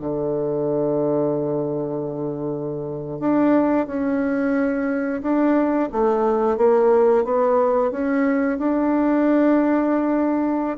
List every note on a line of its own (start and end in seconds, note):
0.00 3.20 D3
3.20 3.87 D4
3.87 5.22 C#4
5.22 5.90 D4
5.92 6.58 A3
6.58 7.25 A#3
7.25 7.92 B3
7.92 8.59 C#4
8.59 10.78 D4